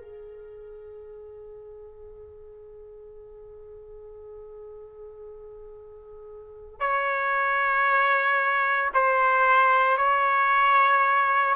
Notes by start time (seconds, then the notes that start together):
0.00 G#4
6.80 C#5
8.94 C5
9.97 C#5